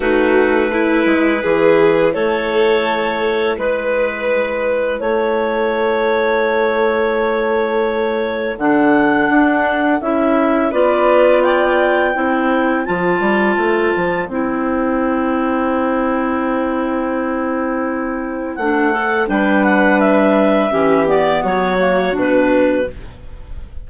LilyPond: <<
  \new Staff \with { instrumentName = "clarinet" } { \time 4/4 \tempo 4 = 84 b'2. cis''4~ | cis''4 b'2 cis''4~ | cis''1 | fis''2 e''4 d''4 |
g''2 a''2 | g''1~ | g''2 fis''4 g''8 fis''8 | e''4. d''8 cis''4 b'4 | }
  \new Staff \with { instrumentName = "violin" } { \time 4/4 fis'4 e'4 gis'4 a'4~ | a'4 b'2 a'4~ | a'1~ | a'2. b'4 |
d''4 c''2.~ | c''1~ | c''2. b'4~ | b'4 g'4 fis'2 | }
  \new Staff \with { instrumentName = "clarinet" } { \time 4/4 dis'4 e'2.~ | e'1~ | e'1 | d'2 e'4 f'4~ |
f'4 e'4 f'2 | e'1~ | e'2 d'8 a'8 d'4~ | d'4 cis'8 b4 ais8 d'4 | }
  \new Staff \with { instrumentName = "bassoon" } { \time 4/4 a4. gis8 e4 a4~ | a4 gis2 a4~ | a1 | d4 d'4 cis'4 b4~ |
b4 c'4 f8 g8 a8 f8 | c'1~ | c'2 a4 g4~ | g4 e4 fis4 b,4 | }
>>